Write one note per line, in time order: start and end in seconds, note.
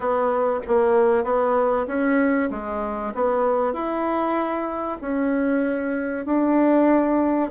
0.00 0.59 B3
0.67 1.24 A#3
1.24 1.86 B3
1.87 2.49 C#4
2.50 3.12 G#3
3.14 3.73 B3
3.73 4.98 E4
5.01 6.25 C#4
6.25 7.50 D4